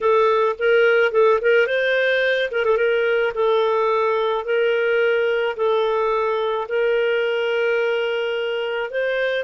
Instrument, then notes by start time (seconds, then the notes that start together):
clarinet
0.00 A4
0.58 A#4
1.11 A4
1.41 A#4
1.66 C5
2.51 A#4
2.64 A4
2.77 A#4
3.34 A4
4.44 A#4
5.56 A4
6.68 A#4
8.90 C5